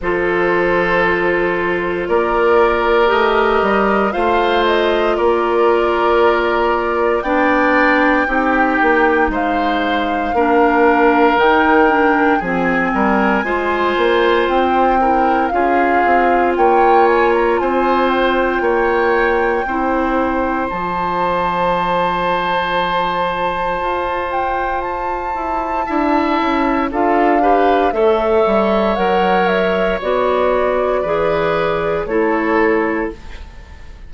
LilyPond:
<<
  \new Staff \with { instrumentName = "flute" } { \time 4/4 \tempo 4 = 58 c''2 d''4 dis''4 | f''8 dis''8 d''2 g''4~ | g''4 f''2 g''4 | gis''2 g''4 f''4 |
g''8 gis''16 ais''16 gis''8 g''2~ g''8 | a''2.~ a''8 g''8 | a''2 f''4 e''4 | fis''8 e''8 d''2 cis''4 | }
  \new Staff \with { instrumentName = "oboe" } { \time 4/4 a'2 ais'2 | c''4 ais'2 d''4 | g'4 c''4 ais'2 | gis'8 ais'8 c''4. ais'8 gis'4 |
cis''4 c''4 cis''4 c''4~ | c''1~ | c''4 e''4 a'8 b'8 cis''4~ | cis''2 b'4 a'4 | }
  \new Staff \with { instrumentName = "clarinet" } { \time 4/4 f'2. g'4 | f'2. d'4 | dis'2 d'4 dis'8 d'8 | c'4 f'4. e'8 f'4~ |
f'2. e'4 | f'1~ | f'4 e'4 f'8 g'8 a'4 | ais'4 fis'4 gis'4 e'4 | }
  \new Staff \with { instrumentName = "bassoon" } { \time 4/4 f2 ais4 a8 g8 | a4 ais2 b4 | c'8 ais8 gis4 ais4 dis4 | f8 g8 gis8 ais8 c'4 cis'8 c'8 |
ais4 c'4 ais4 c'4 | f2. f'4~ | f'8 e'8 d'8 cis'8 d'4 a8 g8 | fis4 b4 e4 a4 | }
>>